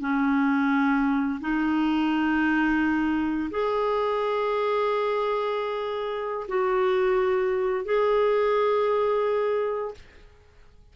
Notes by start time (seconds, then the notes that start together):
0.00 C#4
1.40 D#4
3.50 G#4
6.48 F#4
7.85 G#4